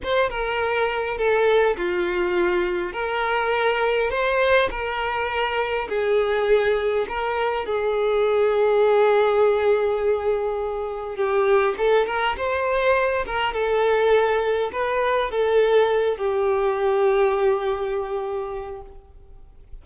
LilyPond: \new Staff \with { instrumentName = "violin" } { \time 4/4 \tempo 4 = 102 c''8 ais'4. a'4 f'4~ | f'4 ais'2 c''4 | ais'2 gis'2 | ais'4 gis'2.~ |
gis'2. g'4 | a'8 ais'8 c''4. ais'8 a'4~ | a'4 b'4 a'4. g'8~ | g'1 | }